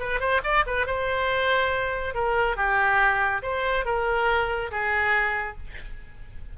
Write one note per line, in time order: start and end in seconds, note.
0.00 0.20 B4
0.20 0.42 C5
0.44 0.65 D5
0.67 0.87 B4
0.87 2.15 C5
2.15 2.57 A#4
2.57 3.42 G4
3.43 3.86 C5
3.86 4.71 A#4
4.72 5.57 G#4